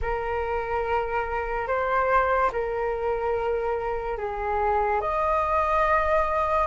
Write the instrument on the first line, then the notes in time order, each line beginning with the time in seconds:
flute
0.02 A#4
1.67 C5
2.52 A#4
4.17 G#4
5.00 D#5